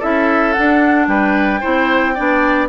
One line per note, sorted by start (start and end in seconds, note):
0.00 0.58 C#4
0.00 0.55 E4
0.00 1.07 A4
0.00 0.53 E5
0.53 1.62 D4
0.53 1.08 D4
0.53 1.06 F#5
1.08 1.61 G3
1.08 1.61 B4
1.08 2.69 G5
1.61 2.19 C4
1.61 2.15 E4
1.61 2.14 C5
2.15 2.70 B3
2.15 2.70 D4
2.15 2.69 D5